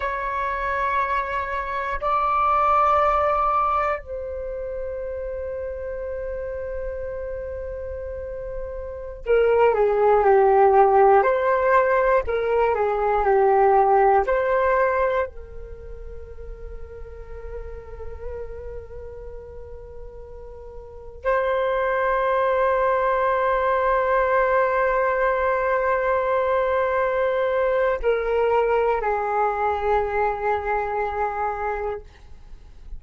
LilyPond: \new Staff \with { instrumentName = "flute" } { \time 4/4 \tempo 4 = 60 cis''2 d''2 | c''1~ | c''4~ c''16 ais'8 gis'8 g'4 c''8.~ | c''16 ais'8 gis'8 g'4 c''4 ais'8.~ |
ais'1~ | ais'4~ ais'16 c''2~ c''8.~ | c''1 | ais'4 gis'2. | }